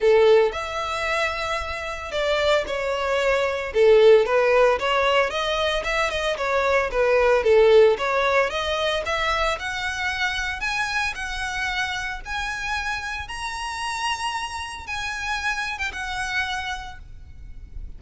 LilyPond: \new Staff \with { instrumentName = "violin" } { \time 4/4 \tempo 4 = 113 a'4 e''2. | d''4 cis''2 a'4 | b'4 cis''4 dis''4 e''8 dis''8 | cis''4 b'4 a'4 cis''4 |
dis''4 e''4 fis''2 | gis''4 fis''2 gis''4~ | gis''4 ais''2. | gis''4.~ gis''16 g''16 fis''2 | }